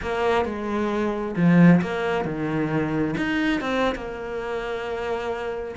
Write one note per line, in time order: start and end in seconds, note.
0.02 0.45 A#3
0.45 1.35 G#3
1.36 1.81 F3
1.81 2.25 A#3
2.25 3.15 D#3
3.17 3.60 D#4
3.60 3.94 C4
3.95 5.75 A#3